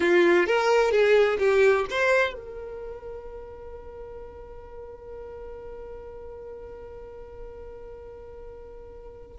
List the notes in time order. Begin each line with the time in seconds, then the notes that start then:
0.00 F4
0.46 A#4
0.91 G#4
1.38 G4
1.90 C5
2.33 A#4